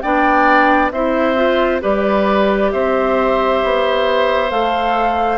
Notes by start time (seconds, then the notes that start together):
0.00 B3 D4 D5 G5
0.91 C4 E4 C5 E5
1.36 F4
1.80 G3 G4 B4 D5
2.71 C4 C5 E5
3.64 B3
4.50 A3 A4 F5